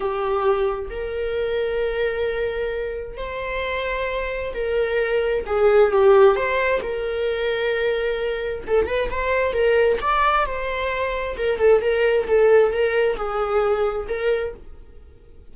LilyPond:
\new Staff \with { instrumentName = "viola" } { \time 4/4 \tempo 4 = 132 g'2 ais'2~ | ais'2. c''4~ | c''2 ais'2 | gis'4 g'4 c''4 ais'4~ |
ais'2. a'8 b'8 | c''4 ais'4 d''4 c''4~ | c''4 ais'8 a'8 ais'4 a'4 | ais'4 gis'2 ais'4 | }